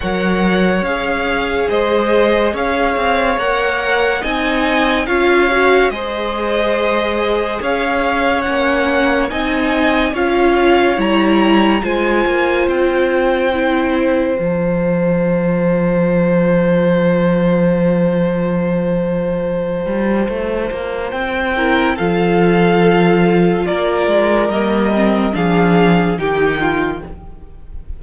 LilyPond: <<
  \new Staff \with { instrumentName = "violin" } { \time 4/4 \tempo 4 = 71 fis''4 f''4 dis''4 f''4 | fis''4 gis''4 f''4 dis''4~ | dis''4 f''4 fis''4 gis''4 | f''4 ais''4 gis''4 g''4~ |
g''4 a''2.~ | a''1~ | a''4 g''4 f''2 | d''4 dis''4 f''4 g''4 | }
  \new Staff \with { instrumentName = "violin" } { \time 4/4 cis''2 c''4 cis''4~ | cis''4 dis''4 cis''4 c''4~ | c''4 cis''2 dis''4 | cis''2 c''2~ |
c''1~ | c''1~ | c''4. ais'8 a'2 | ais'2 gis'4 g'8 f'8 | }
  \new Staff \with { instrumentName = "viola" } { \time 4/4 ais'4 gis'2. | ais'4 dis'4 f'8 fis'8 gis'4~ | gis'2 cis'4 dis'4 | f'4 e'4 f'2 |
e'4 f'2.~ | f'1~ | f'4. e'8 f'2~ | f'4 ais8 c'8 d'4 dis'4 | }
  \new Staff \with { instrumentName = "cello" } { \time 4/4 fis4 cis'4 gis4 cis'8 c'8 | ais4 c'4 cis'4 gis4~ | gis4 cis'4 ais4 c'4 | cis'4 g4 gis8 ais8 c'4~ |
c'4 f2.~ | f2.~ f8 g8 | a8 ais8 c'4 f2 | ais8 gis8 g4 f4 dis4 | }
>>